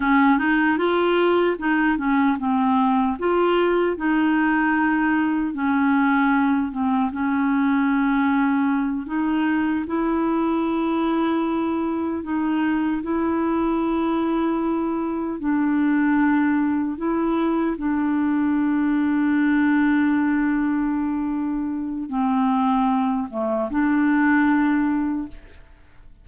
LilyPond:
\new Staff \with { instrumentName = "clarinet" } { \time 4/4 \tempo 4 = 76 cis'8 dis'8 f'4 dis'8 cis'8 c'4 | f'4 dis'2 cis'4~ | cis'8 c'8 cis'2~ cis'8 dis'8~ | dis'8 e'2. dis'8~ |
dis'8 e'2. d'8~ | d'4. e'4 d'4.~ | d'1 | c'4. a8 d'2 | }